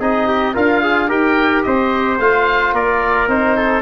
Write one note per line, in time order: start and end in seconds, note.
0.00 0.56 C4
0.00 0.55 D#4
0.00 0.28 G#4
0.00 0.57 D#5
0.28 0.55 G4
0.55 1.11 D4
0.55 1.09 F4
0.55 0.82 A#4
0.55 1.11 F5
0.83 1.09 G#4
1.09 1.66 D#4
1.09 2.19 G4
1.09 1.64 A#4
1.09 1.63 G5
1.63 2.19 C4
1.63 2.75 C5
1.63 2.18 D#5
2.19 2.73 A3
2.19 3.29 F4
2.19 2.75 F5
2.73 3.28 A#3
2.73 3.57 A#4
2.73 3.29 D5
3.29 3.83 C4
3.29 3.83 D#4
3.29 3.83 C5
3.57 3.83 A4